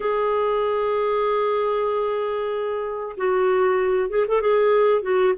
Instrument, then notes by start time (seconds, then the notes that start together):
clarinet
0.00 G#4
3.17 F#4
4.09 G#4
4.27 A4
4.41 G#4
5.02 F#4